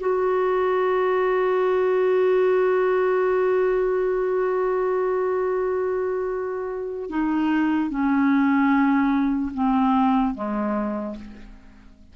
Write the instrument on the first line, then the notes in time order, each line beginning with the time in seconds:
clarinet
0.00 F#4
7.09 D#4
7.90 C#4
9.54 C4
10.34 G#3